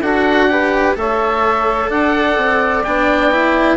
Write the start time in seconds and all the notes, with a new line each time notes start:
0.00 D4 F#4 A4 F#5
0.49 G4 B4
0.94 A3 A4 C#5 E5
1.88 D4 D5 F#5
2.37 C4
2.83 B3 D4 G5
3.31 E4